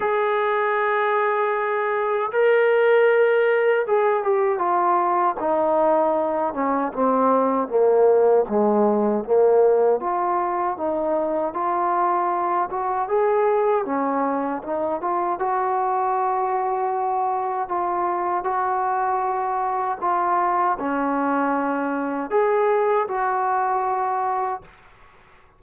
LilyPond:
\new Staff \with { instrumentName = "trombone" } { \time 4/4 \tempo 4 = 78 gis'2. ais'4~ | ais'4 gis'8 g'8 f'4 dis'4~ | dis'8 cis'8 c'4 ais4 gis4 | ais4 f'4 dis'4 f'4~ |
f'8 fis'8 gis'4 cis'4 dis'8 f'8 | fis'2. f'4 | fis'2 f'4 cis'4~ | cis'4 gis'4 fis'2 | }